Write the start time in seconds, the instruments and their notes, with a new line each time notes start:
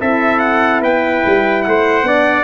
0.00 tuba C4, horn E4, trumpet A4 E5
0.39 trumpet F#5
0.82 tuba B3, trumpet B4 G5
1.26 tuba G3
1.63 tuba A3, trumpet C5 F#5
2.03 tuba B3, horn D4, trumpet D5